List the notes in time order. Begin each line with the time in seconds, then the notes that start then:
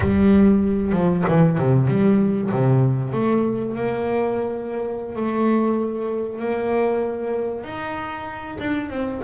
0.00 G3
0.92 F3
1.28 E3
1.58 C3
1.87 G3
2.50 C3
3.12 A3
3.75 A#3
5.15 A3
6.39 A#3
7.64 D#4
8.59 D4
8.89 C4